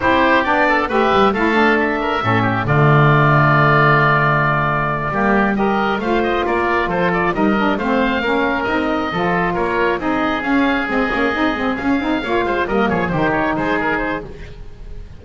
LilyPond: <<
  \new Staff \with { instrumentName = "oboe" } { \time 4/4 \tempo 4 = 135 c''4 d''4 e''4 f''4 | e''2 d''2~ | d''1~ | d''8 dis''4 f''8 dis''8 d''4 c''8 |
d''8 dis''4 f''2 dis''8~ | dis''4. cis''4 dis''4 f''8~ | f''8 dis''2 f''4.~ | f''8 dis''8 cis''8 c''8 cis''8 c''8 ais'8 c''8 | }
  \new Staff \with { instrumentName = "oboe" } { \time 4/4 g'4. a'8 b'4 a'4~ | a'8 ais'8 a'8 g'8 f'2~ | f'2.~ f'8 g'8~ | g'8 ais'4 c''4 ais'4 a'8~ |
a'8 ais'4 c''4 ais'4.~ | ais'8 a'4 ais'4 gis'4.~ | gis'2.~ gis'8 cis''8 | c''8 ais'8 gis'8 g'4 gis'4. | }
  \new Staff \with { instrumentName = "saxophone" } { \time 4/4 e'4 d'4 g'4 e'8 d'8~ | d'4 cis'4 a2~ | a2.~ a8 ais8~ | ais8 g'4 f'2~ f'8~ |
f'8 dis'8 d'8 c'4 cis'4 dis'8~ | dis'8 f'2 dis'4 cis'8~ | cis'8 c'8 cis'8 dis'8 c'8 cis'8 dis'8 f'8~ | f'8 ais4 dis'2~ dis'8 | }
  \new Staff \with { instrumentName = "double bass" } { \time 4/4 c'4 b4 a8 g8 a4~ | a4 a,4 d2~ | d2.~ d8 g8~ | g4. a4 ais4 f8~ |
f8 g4 a4 ais4 c'8~ | c'8 f4 ais4 c'4 cis'8~ | cis'8 gis8 ais8 c'8 gis8 cis'8 c'8 ais8 | gis8 g8 f8 dis4 gis4. | }
>>